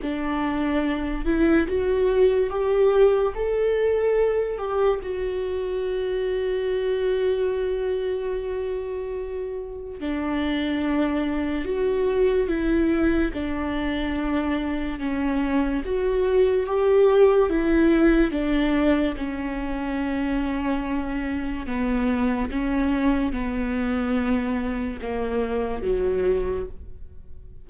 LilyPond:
\new Staff \with { instrumentName = "viola" } { \time 4/4 \tempo 4 = 72 d'4. e'8 fis'4 g'4 | a'4. g'8 fis'2~ | fis'1 | d'2 fis'4 e'4 |
d'2 cis'4 fis'4 | g'4 e'4 d'4 cis'4~ | cis'2 b4 cis'4 | b2 ais4 fis4 | }